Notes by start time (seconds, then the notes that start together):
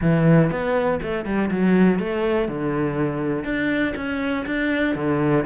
0.01 E3
0.50 B3
1.02 A3
1.25 G3
1.50 F#3
1.99 A3
2.48 D3
3.44 D4
3.96 C#4
4.46 D4
4.95 D3